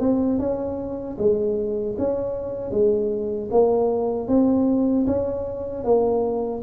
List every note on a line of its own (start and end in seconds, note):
0.00 0.39 C4
0.39 1.17 C#4
1.18 1.96 G#3
1.98 2.71 C#4
2.71 3.49 G#3
3.51 4.28 A#3
4.28 5.06 C4
5.07 5.84 C#4
5.84 6.62 A#3